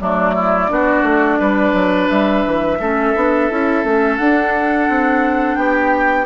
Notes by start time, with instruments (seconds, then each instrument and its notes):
0.00 bassoon F#3, clarinet A3, oboe D4, flute D5
0.34 oboe E4
0.68 bassoon B3, clarinet D4, oboe F#4
1.02 bassoon A3
1.38 bassoon G3, oboe B4
1.73 bassoon F#3
2.08 bassoon G3, flute E5
2.46 bassoon E3
2.79 bassoon A3, clarinet C#4, oboe A4
3.15 bassoon B3, clarinet D4
3.50 bassoon C#4, clarinet E4
3.83 bassoon A3, clarinet C#4
4.17 bassoon D4, clarinet D4, flute F#5
4.89 bassoon C4
5.55 bassoon B3, oboe G4, flute G5